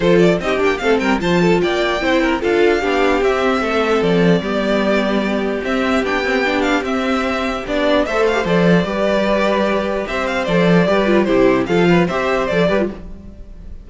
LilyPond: <<
  \new Staff \with { instrumentName = "violin" } { \time 4/4 \tempo 4 = 149 c''8 d''8 dis''8 g''8 f''8 g''8 a''4 | g''2 f''2 | e''2 d''2~ | d''2 e''4 g''4~ |
g''8 f''8 e''2 d''4 | e''8 f''8 d''2.~ | d''4 e''8 f''8 d''2 | c''4 f''4 e''4 d''4 | }
  \new Staff \with { instrumentName = "violin" } { \time 4/4 a'4 g'4 a'8 ais'8 c''8 a'8 | d''4 c''8 ais'8 a'4 g'4~ | g'4 a'2 g'4~ | g'1~ |
g'1 | c''2 b'2~ | b'4 c''2 b'4 | g'4 a'8 b'8 c''4. b'8 | }
  \new Staff \with { instrumentName = "viola" } { \time 4/4 f'4 dis'8 d'8 c'4 f'4~ | f'4 e'4 f'4 d'4 | c'2. b4~ | b2 c'4 d'8 c'8 |
d'4 c'2 d'4 | a'8. g'16 a'4 g'2~ | g'2 a'4 g'8 f'8 | e'4 f'4 g'4 a'8 g'16 f'16 | }
  \new Staff \with { instrumentName = "cello" } { \time 4/4 f4 c'8 ais8 a8 g8 f4 | ais4 c'4 d'4 b4 | c'4 a4 f4 g4~ | g2 c'4 b4~ |
b4 c'2 b4 | a4 f4 g2~ | g4 c'4 f4 g4 | c4 f4 c'4 f8 g8 | }
>>